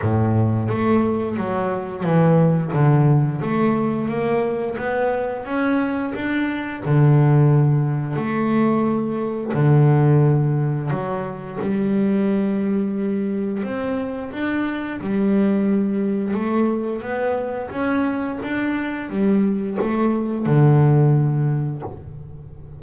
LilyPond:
\new Staff \with { instrumentName = "double bass" } { \time 4/4 \tempo 4 = 88 a,4 a4 fis4 e4 | d4 a4 ais4 b4 | cis'4 d'4 d2 | a2 d2 |
fis4 g2. | c'4 d'4 g2 | a4 b4 cis'4 d'4 | g4 a4 d2 | }